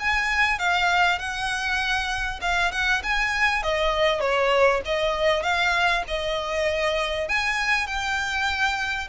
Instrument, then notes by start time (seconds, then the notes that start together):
violin
0.00 G#5
0.59 F5
1.19 F#5
2.41 F5
2.72 F#5
3.04 G#5
3.63 D#5
4.21 C#5
4.85 D#5
5.43 F5
6.08 D#5
7.29 G#5
7.87 G5